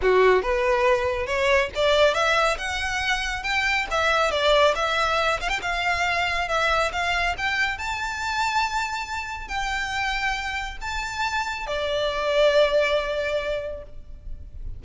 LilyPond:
\new Staff \with { instrumentName = "violin" } { \time 4/4 \tempo 4 = 139 fis'4 b'2 cis''4 | d''4 e''4 fis''2 | g''4 e''4 d''4 e''4~ | e''8 f''16 g''16 f''2 e''4 |
f''4 g''4 a''2~ | a''2 g''2~ | g''4 a''2 d''4~ | d''1 | }